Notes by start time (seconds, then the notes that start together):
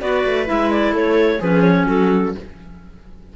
0.00 B3 F#4 B4 D5
0.26 A3
0.46 G#3 E4 E5
0.71 D5
0.93 A3 A4 C#5
1.40 F3 C#4 G#4 B4
1.62 C#5
1.87 F#3 F#4 A4